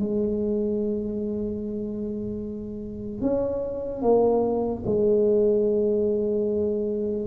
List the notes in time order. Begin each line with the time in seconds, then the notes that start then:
0.00 G#3
3.22 C#4
4.02 A#3
4.86 G#3